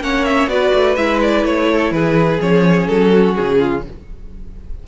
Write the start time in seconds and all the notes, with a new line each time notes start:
0.00 A#3 C#4 C#5 F#5
0.25 E5
0.47 B3 F#4 B4 D5
0.74 A3
0.95 G#3 E4 E5
1.22 D5
1.44 A3 C#5
1.70 A4
1.91 E3 G#4 B4
2.40 F3 C#4 C#5
2.87 F#3 A4
3.13 F#4
3.35 C#3 G#4
3.59 F4